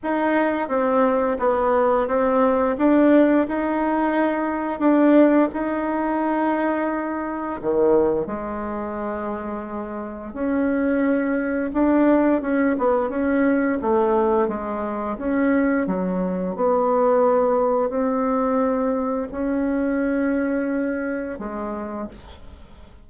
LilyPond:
\new Staff \with { instrumentName = "bassoon" } { \time 4/4 \tempo 4 = 87 dis'4 c'4 b4 c'4 | d'4 dis'2 d'4 | dis'2. dis4 | gis2. cis'4~ |
cis'4 d'4 cis'8 b8 cis'4 | a4 gis4 cis'4 fis4 | b2 c'2 | cis'2. gis4 | }